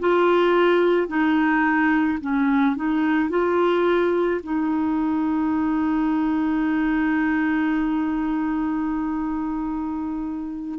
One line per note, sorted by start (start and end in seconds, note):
0.00 1.08 F4
1.08 2.19 D#4
2.21 2.77 C#4
2.77 3.30 D#4
3.30 4.41 F4
4.43 10.80 D#4